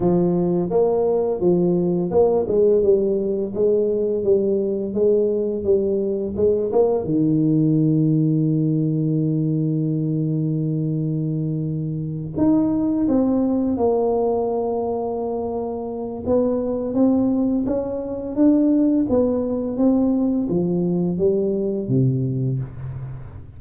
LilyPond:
\new Staff \with { instrumentName = "tuba" } { \time 4/4 \tempo 4 = 85 f4 ais4 f4 ais8 gis8 | g4 gis4 g4 gis4 | g4 gis8 ais8 dis2~ | dis1~ |
dis4. dis'4 c'4 ais8~ | ais2. b4 | c'4 cis'4 d'4 b4 | c'4 f4 g4 c4 | }